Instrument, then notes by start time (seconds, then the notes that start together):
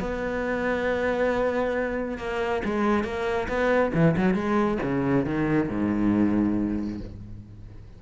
cello
0.00 B3
2.19 A#3
2.65 G#3
3.04 A#3
3.49 B3
3.94 E3
4.17 F#3
4.35 G#3
4.83 C#3
5.26 D#3
5.69 G#2